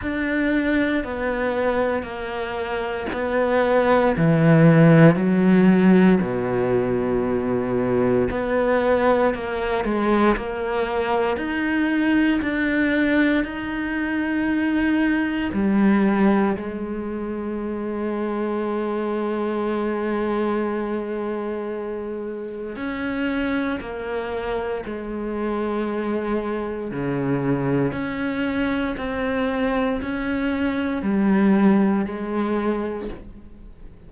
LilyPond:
\new Staff \with { instrumentName = "cello" } { \time 4/4 \tempo 4 = 58 d'4 b4 ais4 b4 | e4 fis4 b,2 | b4 ais8 gis8 ais4 dis'4 | d'4 dis'2 g4 |
gis1~ | gis2 cis'4 ais4 | gis2 cis4 cis'4 | c'4 cis'4 g4 gis4 | }